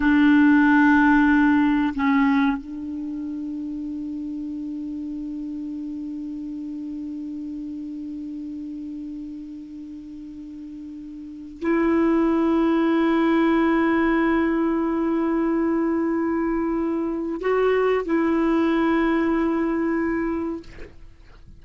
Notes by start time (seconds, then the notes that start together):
0.00 D4
1.94 C#4
2.57 D4
11.61 E4
17.40 F#4
18.05 E4